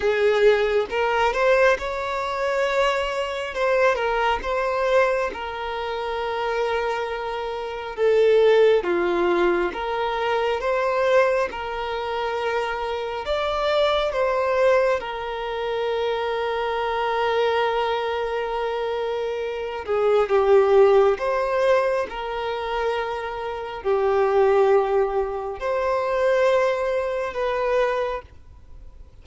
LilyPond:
\new Staff \with { instrumentName = "violin" } { \time 4/4 \tempo 4 = 68 gis'4 ais'8 c''8 cis''2 | c''8 ais'8 c''4 ais'2~ | ais'4 a'4 f'4 ais'4 | c''4 ais'2 d''4 |
c''4 ais'2.~ | ais'2~ ais'8 gis'8 g'4 | c''4 ais'2 g'4~ | g'4 c''2 b'4 | }